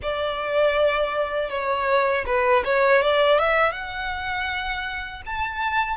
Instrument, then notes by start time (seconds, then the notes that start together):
violin
0.02 D5
1.49 C#5
2.26 B4
2.64 C#5
3.02 D5
3.39 E5
3.72 F#5
5.26 A5